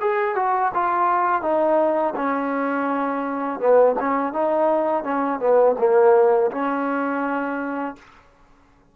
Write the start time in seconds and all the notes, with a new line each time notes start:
0.00 G#4
0.35 F#4
0.74 F4
1.41 D#4
2.15 C#4
3.59 B3
3.99 C#4
4.32 D#4
5.03 C#4
5.39 B3
5.78 A#3
6.51 C#4